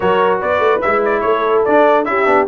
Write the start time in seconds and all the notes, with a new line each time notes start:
0.00 F#3 F#4 A#4 C#5
0.39 B3 B4 D5
0.59 A3
0.81 G#3 E4 E5
1.04 D5
1.20 A3 A4 C#5
1.64 D4 D5
2.04 C#4 E4 G4 E5
2.25 B3 D4